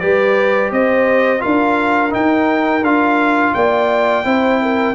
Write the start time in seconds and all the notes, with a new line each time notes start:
0.00 G3 G4 B4 D5
0.71 C4 C5 D#5
1.40 D4 F4 A#4 F5
2.10 D#4 G5
2.82 D4 F4 F5
3.54 A#3 D5 G5
4.24 C4 E4 C5
4.62 A#4